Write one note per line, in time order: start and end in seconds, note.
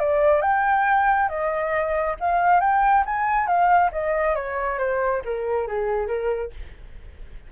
0.00 0.42 D5
0.42 1.29 G5
1.29 2.16 D#5
2.21 2.61 F5
2.61 3.05 G5
3.06 3.47 G#5
3.47 3.91 F5
3.92 4.36 D#5
4.36 4.79 C#5
4.79 5.23 C5
5.25 5.68 A#4
5.68 6.08 G#4
6.08 6.51 A#4